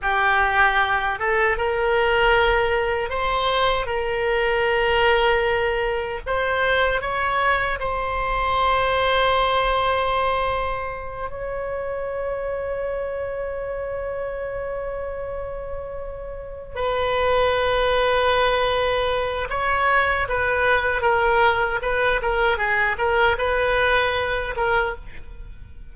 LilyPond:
\new Staff \with { instrumentName = "oboe" } { \time 4/4 \tempo 4 = 77 g'4. a'8 ais'2 | c''4 ais'2. | c''4 cis''4 c''2~ | c''2~ c''8 cis''4.~ |
cis''1~ | cis''4. b'2~ b'8~ | b'4 cis''4 b'4 ais'4 | b'8 ais'8 gis'8 ais'8 b'4. ais'8 | }